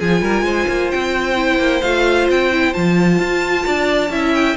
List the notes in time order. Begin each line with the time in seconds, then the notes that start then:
0.00 F3 F4 G#4 G#5
0.22 G3 A#4
0.42 G#3 C5
0.69 A#3
0.91 C4 G5
1.36 E4
1.59 A#3
1.82 A3 F4 F5
2.29 C4 G5
2.52 E4
2.72 F3 F4 A5
3.19 F4
3.66 D4 D5
4.10 C#4 E4 E5
4.34 G5